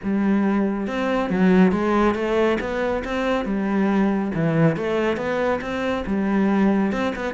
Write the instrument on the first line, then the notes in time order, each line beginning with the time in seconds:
cello
0.03 G3
0.87 C4
1.30 F#3
1.71 G#3
2.14 A3
2.60 B3
3.04 C4
3.45 G3
4.34 E3
4.76 A3
5.16 B3
5.61 C4
6.06 G3
6.92 C4
7.15 B3